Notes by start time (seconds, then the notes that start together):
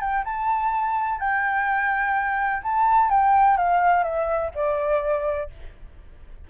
0.00 G5
0.24 A5
1.19 G5
2.63 A5
3.10 G5
3.57 F5
4.03 E5
4.54 D5